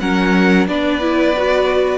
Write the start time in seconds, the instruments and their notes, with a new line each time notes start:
0.00 cello F#3, viola C#4, violin A#4 F#5
0.67 cello B3, viola D4, violin B4 D5
1.01 viola E4
1.37 viola F#4